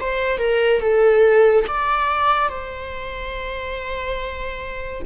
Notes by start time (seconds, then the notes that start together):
0.00 C5
0.38 A#4
0.80 A4
1.67 D5
2.49 C5